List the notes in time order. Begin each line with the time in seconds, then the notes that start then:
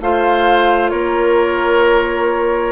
0.00 A3 F4 C5 F5
0.89 A#3 A#4 C#5